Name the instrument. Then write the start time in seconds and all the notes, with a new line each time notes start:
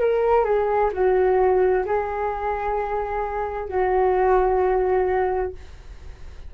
flute
0.00 A#4
0.44 G#4
0.93 F#4
1.85 G#4
3.68 F#4